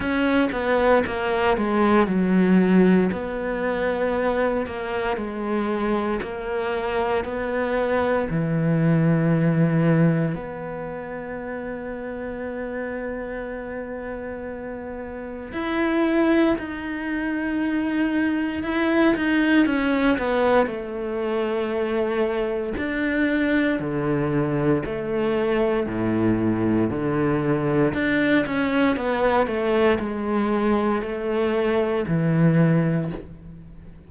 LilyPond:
\new Staff \with { instrumentName = "cello" } { \time 4/4 \tempo 4 = 58 cis'8 b8 ais8 gis8 fis4 b4~ | b8 ais8 gis4 ais4 b4 | e2 b2~ | b2. e'4 |
dis'2 e'8 dis'8 cis'8 b8 | a2 d'4 d4 | a4 a,4 d4 d'8 cis'8 | b8 a8 gis4 a4 e4 | }